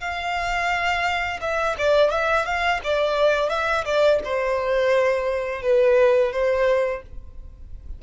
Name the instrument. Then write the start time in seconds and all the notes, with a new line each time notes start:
violin
0.00 F5
1.40 E5
1.78 D5
2.10 E5
2.45 F5
2.84 D5
3.49 E5
3.85 D5
4.24 C5
5.62 B4
6.32 C5